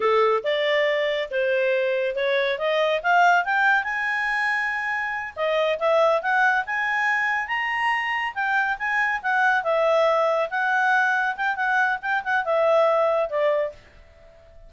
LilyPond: \new Staff \with { instrumentName = "clarinet" } { \time 4/4 \tempo 4 = 140 a'4 d''2 c''4~ | c''4 cis''4 dis''4 f''4 | g''4 gis''2.~ | gis''8 dis''4 e''4 fis''4 gis''8~ |
gis''4. ais''2 g''8~ | g''8 gis''4 fis''4 e''4.~ | e''8 fis''2 g''8 fis''4 | g''8 fis''8 e''2 d''4 | }